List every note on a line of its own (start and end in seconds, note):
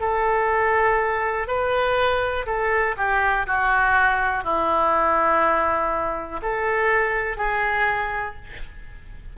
0.00 1.47 A4
1.47 2.45 B4
2.46 2.95 A4
2.96 3.46 G4
3.46 4.44 F#4
4.44 6.40 E4
6.42 7.37 A4
7.37 8.35 G#4